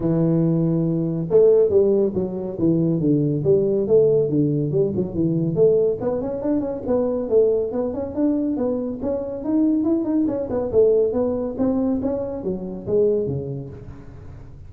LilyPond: \new Staff \with { instrumentName = "tuba" } { \time 4/4 \tempo 4 = 140 e2. a4 | g4 fis4 e4 d4 | g4 a4 d4 g8 fis8 | e4 a4 b8 cis'8 d'8 cis'8 |
b4 a4 b8 cis'8 d'4 | b4 cis'4 dis'4 e'8 dis'8 | cis'8 b8 a4 b4 c'4 | cis'4 fis4 gis4 cis4 | }